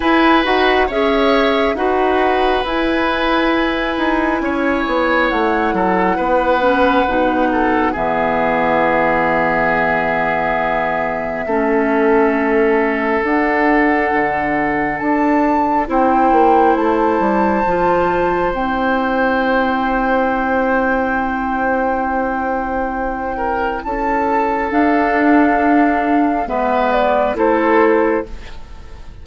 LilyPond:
<<
  \new Staff \with { instrumentName = "flute" } { \time 4/4 \tempo 4 = 68 gis''8 fis''8 e''4 fis''4 gis''4~ | gis''2 fis''2~ | fis''4 e''2.~ | e''2. fis''4~ |
fis''4 a''4 g''4 a''4~ | a''4 g''2.~ | g''2. a''4 | f''2 e''8 d''8 c''4 | }
  \new Staff \with { instrumentName = "oboe" } { \time 4/4 b'4 cis''4 b'2~ | b'4 cis''4. a'8 b'4~ | b'8 a'8 gis'2.~ | gis'4 a'2.~ |
a'2 c''2~ | c''1~ | c''2~ c''8 ais'8 a'4~ | a'2 b'4 a'4 | }
  \new Staff \with { instrumentName = "clarinet" } { \time 4/4 e'8 fis'8 gis'4 fis'4 e'4~ | e'2.~ e'8 cis'8 | dis'4 b2.~ | b4 cis'2 d'4~ |
d'2 e'2 | f'4 e'2.~ | e'1 | d'2 b4 e'4 | }
  \new Staff \with { instrumentName = "bassoon" } { \time 4/4 e'8 dis'8 cis'4 dis'4 e'4~ | e'8 dis'8 cis'8 b8 a8 fis8 b4 | b,4 e2.~ | e4 a2 d'4 |
d4 d'4 c'8 ais8 a8 g8 | f4 c'2.~ | c'2. cis'4 | d'2 gis4 a4 | }
>>